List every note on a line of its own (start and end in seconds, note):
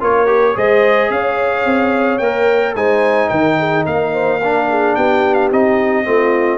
0.00 0.56 A#3
0.00 0.26 F4
0.00 0.56 A#4
0.00 0.57 C#5
0.26 0.54 G4
0.54 1.10 G#3
0.54 2.20 G#4
0.54 1.11 C5
0.54 1.11 D#5
1.10 1.65 C#4
1.10 2.76 C#5
1.10 2.18 F5
1.65 2.20 C4
2.18 2.75 A#3
2.18 2.75 A#4
2.18 2.73 G5
2.75 3.30 G#3
2.75 4.41 D#4
2.75 3.29 C5
2.75 3.29 G#5
3.29 3.85 D#3
3.29 3.56 A#4
3.29 3.84 G5
3.59 3.85 G#4
3.85 4.96 A#3
3.85 4.12 A#4
3.85 4.95 F5
4.13 4.40 C5
4.41 5.51 D4
4.41 4.68 A#4
4.69 4.95 G#4
4.95 5.51 B3
4.95 6.06 G4
4.95 5.34 G5
5.34 5.48 F5
5.51 6.06 C4
5.51 6.04 D#4
5.51 6.58 D#5
6.04 6.58 A3
6.04 6.58 C4
6.04 6.58 F4